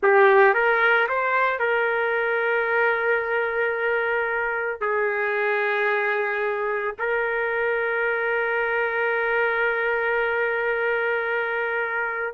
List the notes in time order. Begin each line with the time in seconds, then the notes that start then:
0.02 G4
0.54 A#4
1.08 C5
1.59 A#4
4.80 G#4
6.98 A#4